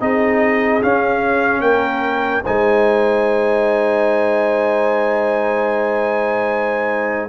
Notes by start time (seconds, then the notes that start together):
0.00 C4 D#4 G#4 D#5
0.82 C#4 F5
1.60 A#3 A#4 G5
2.43 G#3 D#4 C5 G#5